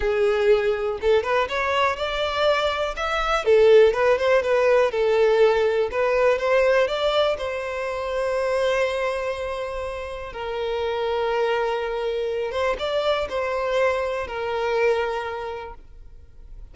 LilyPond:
\new Staff \with { instrumentName = "violin" } { \time 4/4 \tempo 4 = 122 gis'2 a'8 b'8 cis''4 | d''2 e''4 a'4 | b'8 c''8 b'4 a'2 | b'4 c''4 d''4 c''4~ |
c''1~ | c''4 ais'2.~ | ais'4. c''8 d''4 c''4~ | c''4 ais'2. | }